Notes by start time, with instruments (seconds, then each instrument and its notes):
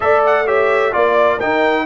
0.00 tuba A3, trombone A4, horn D5, trumpet E5
0.26 trumpet F#5
0.46 trombone G4, horn C#5, trumpet E5
0.91 tuba A#3, trombone F4, trumpet D5, horn D5
1.36 trombone D#4, tuba D#4, horn A#4, trumpet G5